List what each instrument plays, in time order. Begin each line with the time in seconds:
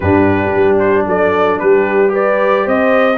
0.00 tuba G2, trombone D4, horn G4, trumpet B4
0.55 tuba G3
0.79 trumpet C5
1.06 tuba F#3, horn A4, trumpet D5
1.59 tuba G3, horn G4, trumpet B4
2.07 trombone G4, horn B4
2.14 trumpet D5
2.64 tuba C4, horn C5, trumpet D#5